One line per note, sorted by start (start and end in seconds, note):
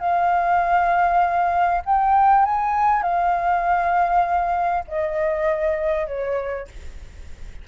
0.00 1.82 F5
1.85 2.45 G5
2.45 3.03 G#5
3.03 4.85 F5
4.88 6.07 D#5
6.07 6.68 C#5